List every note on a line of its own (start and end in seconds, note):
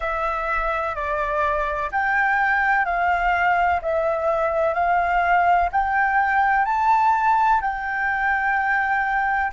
0.00 0.95 E5
0.95 1.90 D5
1.91 2.85 G5
2.85 3.80 F5
3.82 4.74 E5
4.74 5.69 F5
5.71 6.65 G5
6.65 7.60 A5
7.61 9.51 G5